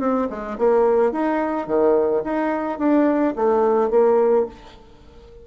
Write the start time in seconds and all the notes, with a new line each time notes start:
0.00 C4
0.30 G#3
0.58 A#3
1.12 D#4
1.67 D#3
2.24 D#4
2.79 D4
3.36 A3
3.90 A#3